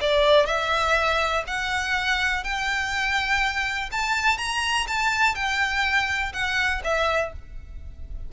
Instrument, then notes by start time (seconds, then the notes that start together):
violin
0.00 D5
0.46 E5
1.46 F#5
2.43 G5
3.91 A5
4.37 A#5
4.87 A5
5.35 G5
6.32 F#5
6.84 E5